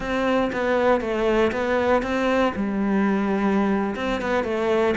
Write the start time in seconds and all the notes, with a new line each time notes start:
0.00 C4
0.52 B3
1.00 A3
1.51 B3
2.02 C4
2.55 G3
3.95 C4
4.21 B3
4.44 A3